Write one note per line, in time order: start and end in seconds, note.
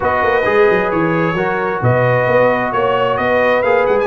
0.00 0.22 B3
0.00 0.42 F#4
0.00 1.35 B4
0.00 0.91 D#5
0.22 0.45 A#3
0.44 0.68 G#3
0.44 1.35 G#4
0.70 0.92 F#3
0.91 1.33 E3
0.91 1.82 C#5
1.33 1.79 F#3
1.33 3.64 F#4
1.33 1.80 A#4
1.82 2.27 B2
1.82 2.73 B4
1.82 2.72 D#5
2.27 2.73 B3
2.72 3.18 A#3
2.72 3.17 C#5
3.17 3.63 B3
3.17 4.07 B4
3.17 3.62 D#5
3.62 3.86 A#3
3.62 4.07 G#4
3.62 3.85 F5
3.86 4.07 G#3
3.86 3.97 F#5
3.99 4.07 G#5